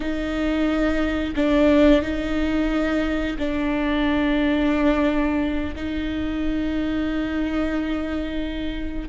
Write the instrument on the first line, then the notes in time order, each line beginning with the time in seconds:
viola
0.00 D#4
1.35 D4
2.02 D#4
3.38 D4
5.75 D#4